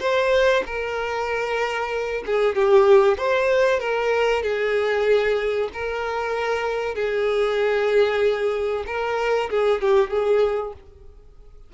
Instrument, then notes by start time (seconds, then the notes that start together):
violin
0.00 C5
0.66 A#4
2.26 G#4
2.55 G4
3.18 C5
3.80 A#4
4.43 G#4
5.73 A#4
6.95 G#4
8.87 A#4
9.50 G#4
9.81 G4
10.10 G#4